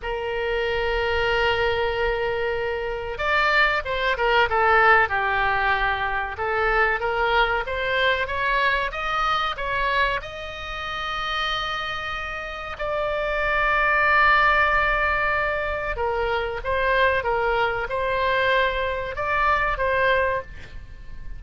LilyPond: \new Staff \with { instrumentName = "oboe" } { \time 4/4 \tempo 4 = 94 ais'1~ | ais'4 d''4 c''8 ais'8 a'4 | g'2 a'4 ais'4 | c''4 cis''4 dis''4 cis''4 |
dis''1 | d''1~ | d''4 ais'4 c''4 ais'4 | c''2 d''4 c''4 | }